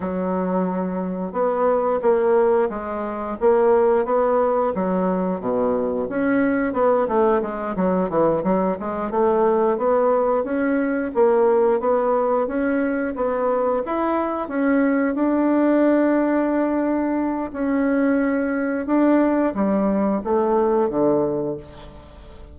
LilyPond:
\new Staff \with { instrumentName = "bassoon" } { \time 4/4 \tempo 4 = 89 fis2 b4 ais4 | gis4 ais4 b4 fis4 | b,4 cis'4 b8 a8 gis8 fis8 | e8 fis8 gis8 a4 b4 cis'8~ |
cis'8 ais4 b4 cis'4 b8~ | b8 e'4 cis'4 d'4.~ | d'2 cis'2 | d'4 g4 a4 d4 | }